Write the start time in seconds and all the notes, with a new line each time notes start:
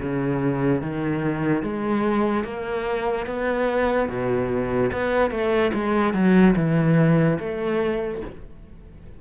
0.00 C#3
0.82 D#3
1.63 G#3
2.44 A#3
3.27 B3
4.09 B2
4.93 B3
5.31 A3
5.74 G#3
6.14 F#3
6.56 E3
7.39 A3